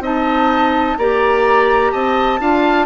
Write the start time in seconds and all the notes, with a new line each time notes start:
0.00 C4 D#4 D#5 A5
0.97 A#3 G4 D5 A#5
1.91 C4 D#5 A5
2.40 D4 F4 F5